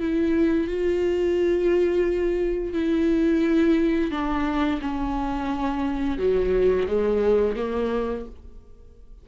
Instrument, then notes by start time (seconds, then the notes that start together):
viola
0.00 E4
0.68 F4
2.73 E4
4.11 D4
4.82 C#4
6.18 F#3
6.87 G#3
7.56 A#3